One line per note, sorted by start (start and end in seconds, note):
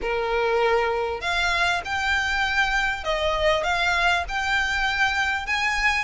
0.01 1.20 A#4
1.20 1.81 F5
1.85 3.03 G5
3.03 3.63 D#5
3.63 4.24 F5
4.28 5.46 G5
5.46 6.04 G#5